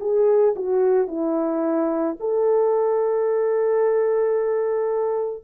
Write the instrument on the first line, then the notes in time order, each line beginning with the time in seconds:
horn
0.00 G#4
0.56 F#4
1.08 E4
2.20 A4